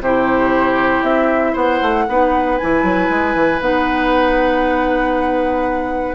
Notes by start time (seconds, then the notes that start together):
0.00 C3 E4 G4 C5
1.02 C4 E5
1.53 B3 C5 F#5
1.82 A3
2.08 B3 D#4 B4
2.58 E3 E4 G#5
2.83 F#3
3.10 G#3
3.35 E3
3.60 B3 D#4 F#5